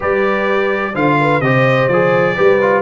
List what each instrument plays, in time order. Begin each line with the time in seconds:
0.00 tuba G3, trombone G4, horn B4, trumpet D5
0.93 tuba D3, trombone F4, horn C5, trumpet F5
1.20 horn B4
1.40 tuba C3, trombone G4, horn C5, trumpet D#5
1.87 tuba F3, trombone G#4, trumpet D5
2.35 tuba G3, trombone G4, horn B4
2.61 trombone F4